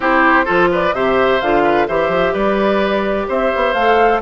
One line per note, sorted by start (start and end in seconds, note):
0.00 0.46 C4
0.00 0.45 E4
0.00 0.45 G4
0.00 0.73 C5
0.45 0.93 F3
0.45 0.92 F4
0.45 0.68 A4
0.71 0.94 B4
0.71 0.94 D5
0.93 1.40 C3
0.93 1.41 G4
0.93 1.63 C5
0.93 1.40 E5
1.40 1.88 D3
1.40 1.88 F4
1.40 1.87 F5
1.63 1.86 B4
1.87 2.08 E3
1.87 3.76 G4
1.87 2.33 C5
1.87 2.34 E5
2.08 2.31 F3
2.33 3.27 G3
2.33 3.26 B4
2.33 3.27 D5
3.28 3.52 C4
3.28 4.21 C5
3.28 3.73 E5
3.55 3.74 B3
3.73 4.21 A3
3.73 4.21 A4
3.73 4.20 F5